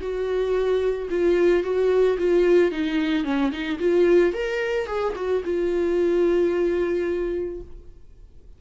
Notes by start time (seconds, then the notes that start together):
0.00 F#4
1.10 F4
1.63 F#4
2.18 F4
2.71 D#4
3.24 C#4
3.52 D#4
3.79 F4
4.33 A#4
4.86 G#4
5.16 F#4
5.45 F4